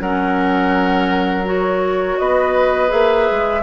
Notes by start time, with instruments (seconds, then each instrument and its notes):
0.00 bassoon F#3, clarinet C#4, oboe A#4, flute F#5
1.45 clarinet F#4, flute C#5
2.18 bassoon B3, oboe B4, flute D#5
2.88 bassoon A#3, clarinet G#4, flute E5
3.30 bassoon G#3